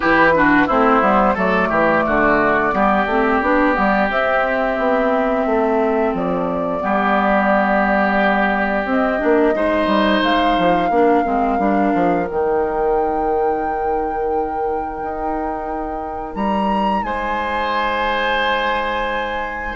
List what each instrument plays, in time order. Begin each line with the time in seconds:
0.00 bassoon E3, clarinet E4, oboe G4, flute B4
0.34 clarinet D4, oboe F#4
0.66 bassoon A3, clarinet C4, oboe E4, flute C5
1.01 bassoon G3, clarinet B3
1.34 bassoon F#3, clarinet A3, oboe A4, flute D5
1.69 bassoon E3, oboe G4
2.06 bassoon D3, oboe F#4
2.72 bassoon G3, clarinet B3, oboe G4
3.06 bassoon A3, clarinet C4
3.41 bassoon B3, clarinet D4
3.74 bassoon G3, clarinet B3
4.09 clarinet C4, bassoon C4, flute E5
4.78 bassoon B3
5.45 bassoon A3, oboe A4
6.13 bassoon F3, flute D5
6.80 bassoon G3, clarinet B3, oboe G4
8.84 bassoon C4, clarinet C4, flute D#5
9.18 bassoon A#3, clarinet D4
9.54 bassoon G#3, clarinet D#4, oboe C5
9.86 bassoon G3
10.22 bassoon G#3, flute F5
10.58 bassoon F3
10.89 bassoon A#3, clarinet D4, oboe A#4
11.24 bassoon G#3, clarinet C4
11.58 bassoon G3, clarinet D4
11.94 bassoon F3
12.25 bassoon D#3, clarinet D#4, flute G5
15.02 bassoon D#4
16.35 bassoon G3, flute A#5
17.02 bassoon G#3, oboe C5, flute G#5